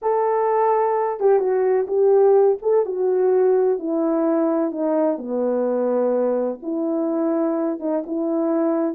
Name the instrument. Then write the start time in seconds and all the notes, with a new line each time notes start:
horn
0.02 A4
1.20 G4
1.39 F#4
1.87 G4
2.62 A4
2.85 F#4
3.79 E4
4.71 D#4
5.18 B3
6.62 E4
7.79 D#4
8.06 E4